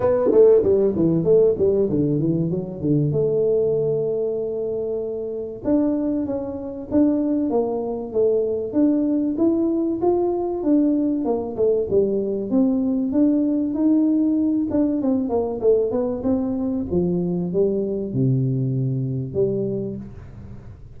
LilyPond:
\new Staff \with { instrumentName = "tuba" } { \time 4/4 \tempo 4 = 96 b8 a8 g8 e8 a8 g8 d8 e8 | fis8 d8 a2.~ | a4 d'4 cis'4 d'4 | ais4 a4 d'4 e'4 |
f'4 d'4 ais8 a8 g4 | c'4 d'4 dis'4. d'8 | c'8 ais8 a8 b8 c'4 f4 | g4 c2 g4 | }